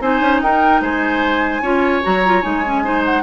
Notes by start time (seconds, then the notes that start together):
0.00 C4 D#4 C5 G#5
0.20 C#4
0.40 D#4 A#4 G5
0.81 G#3 C5 G#5
1.61 C#4 F4 C#5
2.02 F#3 F#4 A#5
2.25 F4
2.41 G#3 D#4 G#5
2.65 C#4
2.84 D#4 C5
3.05 F#5